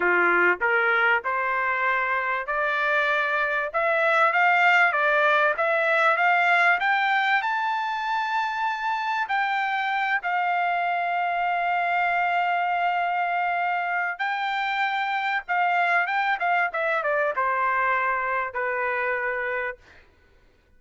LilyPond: \new Staff \with { instrumentName = "trumpet" } { \time 4/4 \tempo 4 = 97 f'4 ais'4 c''2 | d''2 e''4 f''4 | d''4 e''4 f''4 g''4 | a''2. g''4~ |
g''8 f''2.~ f''8~ | f''2. g''4~ | g''4 f''4 g''8 f''8 e''8 d''8 | c''2 b'2 | }